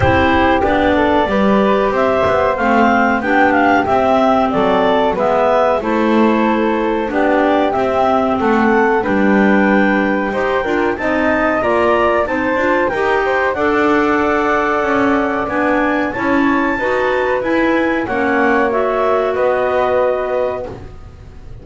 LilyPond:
<<
  \new Staff \with { instrumentName = "clarinet" } { \time 4/4 \tempo 4 = 93 c''4 d''2 e''4 | f''4 g''8 f''8 e''4 d''4 | e''4 c''2 d''4 | e''4 fis''4 g''2~ |
g''4 a''4 ais''4 a''4 | g''4 fis''2. | gis''4 a''2 gis''4 | fis''4 e''4 dis''2 | }
  \new Staff \with { instrumentName = "flute" } { \time 4/4 g'4. a'8 b'4 c''4~ | c''4 g'2 a'4 | b'4 a'2 g'4~ | g'4 a'4 b'2 |
c''8 ais'8 dis''4 d''4 c''4 | ais'8 c''8 d''2.~ | d''4 cis''4 b'2 | cis''2 b'2 | }
  \new Staff \with { instrumentName = "clarinet" } { \time 4/4 e'4 d'4 g'2 | c'4 d'4 c'2 | b4 e'2 d'4 | c'2 d'2 |
g'8 f'8 dis'4 f'4 dis'8 f'8 | g'4 a'2. | d'4 e'4 fis'4 e'4 | cis'4 fis'2. | }
  \new Staff \with { instrumentName = "double bass" } { \time 4/4 c'4 b4 g4 c'8 b8 | a4 b4 c'4 fis4 | gis4 a2 b4 | c'4 a4 g2 |
dis'8 d'8 c'4 ais4 c'8 d'8 | dis'4 d'2 cis'4 | b4 cis'4 dis'4 e'4 | ais2 b2 | }
>>